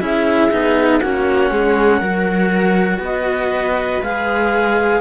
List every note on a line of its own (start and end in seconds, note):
0.00 0.51 C#4
0.00 0.50 E4
0.00 1.01 G#4
0.00 1.00 E5
0.51 1.01 B3
0.51 1.01 D#4
1.00 1.50 A#3
1.00 2.01 C#4
1.00 1.50 F#4
1.00 3.00 F#5
1.50 2.00 G#3
1.50 1.99 G#4
1.99 2.98 F#3
1.99 4.01 F#4
1.99 2.99 A#4
2.98 3.98 B3
2.98 5.00 B4
3.05 4.03 D#5
4.02 5.00 G#3
4.02 5.00 G#4
4.02 5.00 F5